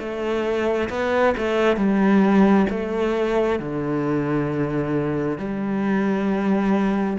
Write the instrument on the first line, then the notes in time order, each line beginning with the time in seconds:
cello
0.00 A3
0.90 B3
1.38 A3
1.77 G3
2.70 A3
3.60 D3
5.39 G3